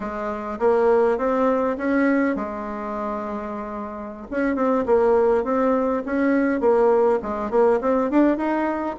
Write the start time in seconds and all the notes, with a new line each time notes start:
0.00 G#3
0.59 A#3
1.17 C4
1.77 C#4
2.35 G#3
4.30 C#4
4.55 C4
4.86 A#3
5.44 C4
6.05 C#4
6.60 A#3
7.22 G#3
7.50 A#3
7.80 C4
8.10 D4
8.37 D#4